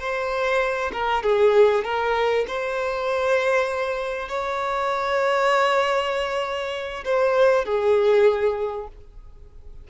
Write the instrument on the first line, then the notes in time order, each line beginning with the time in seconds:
violin
0.00 C5
0.93 A#4
1.23 G#4
1.85 A#4
2.48 C5
4.29 C#5
7.05 C5
7.65 G#4